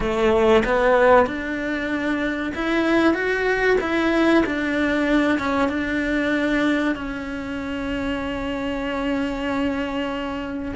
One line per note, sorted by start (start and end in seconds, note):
0.00 0.63 A3
0.65 1.26 B3
1.26 2.52 D4
2.54 3.14 E4
3.14 3.77 F#4
3.81 4.44 E4
4.46 5.39 D4
5.39 5.68 C#4
5.68 6.95 D4
6.95 10.74 C#4